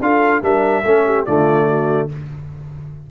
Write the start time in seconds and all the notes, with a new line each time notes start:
0.00 D4 F4 A4 F5
0.42 G3 D4 A#4 E5
0.84 A3 C#4 A4
1.06 G4
1.25 D3 A3 F4 D5
1.67 F#4